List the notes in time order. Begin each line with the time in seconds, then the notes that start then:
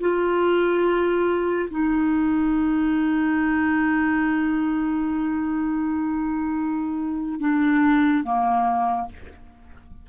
0.00 F4
1.71 D#4
7.40 D4
8.24 A#3